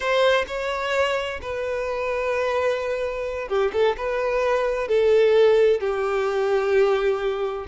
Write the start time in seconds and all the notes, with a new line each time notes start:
0.00 C5
0.47 C#5
1.41 B4
3.48 G4
3.72 A4
3.97 B4
4.88 A4
5.80 G4